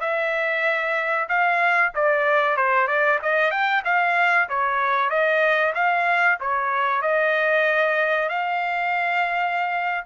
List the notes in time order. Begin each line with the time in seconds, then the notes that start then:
0.00 E5
1.29 F5
1.94 D5
2.56 C5
2.87 D5
3.22 D#5
3.51 G5
3.85 F5
4.49 C#5
5.09 D#5
5.74 F5
6.40 C#5
7.02 D#5
8.29 F5